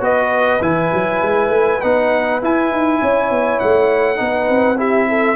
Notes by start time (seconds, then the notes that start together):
0.00 B3 F#4 B4 D#5
0.60 E3 E4 G#5
0.93 F#3
1.22 G#3
1.49 A3
1.80 B3 D#4 F#5
2.41 E4 G#5
2.70 D#4
3.00 C#4 C#5
3.30 B3
3.59 A3 F#5
4.16 B3 D#4 B4
4.49 C4
4.77 E4 G4 E5
5.08 A4